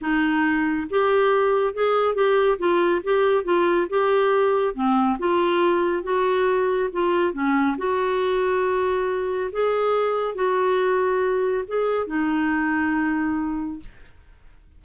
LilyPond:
\new Staff \with { instrumentName = "clarinet" } { \time 4/4 \tempo 4 = 139 dis'2 g'2 | gis'4 g'4 f'4 g'4 | f'4 g'2 c'4 | f'2 fis'2 |
f'4 cis'4 fis'2~ | fis'2 gis'2 | fis'2. gis'4 | dis'1 | }